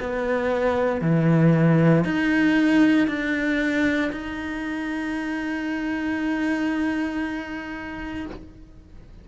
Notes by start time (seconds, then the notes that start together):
0.00 B3
1.01 E3
2.04 D#4
3.08 D4
4.12 D#4